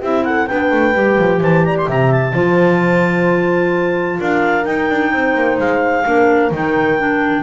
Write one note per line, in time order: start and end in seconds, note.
0.00 0.48 C4
0.00 0.48 E4
0.00 0.23 G4
0.00 0.24 E5
0.24 0.48 A4
0.24 0.47 F#5
0.47 0.71 B3
0.47 0.94 D4
0.47 1.41 B4
0.47 1.40 G5
0.71 0.94 A3
0.94 1.18 G3
0.94 2.34 G4
1.18 1.41 F3
1.41 1.87 E3
1.41 1.64 C5
1.41 1.65 A5
1.65 1.87 D5
1.65 1.76 A#5
1.77 1.89 C6
1.87 2.33 C3
1.87 2.33 E5
1.87 2.12 A#5
2.12 4.21 A5
2.33 4.19 F3
2.33 4.64 F4
2.33 4.19 C5
4.19 4.66 D4
4.19 5.12 A#4
4.19 4.65 F5
4.64 6.03 D#4
4.64 4.90 D#4
4.64 5.58 G5
4.90 5.12 D4
5.12 5.34 C4
5.12 6.06 C5
5.34 5.58 A#3
5.58 6.05 G#3
5.58 6.52 F5
6.05 6.51 A#3
6.05 6.51 D4
6.05 7.43 A#4
6.51 7.43 D#3
6.51 6.98 D#4
6.51 7.43 G5
6.98 7.43 D4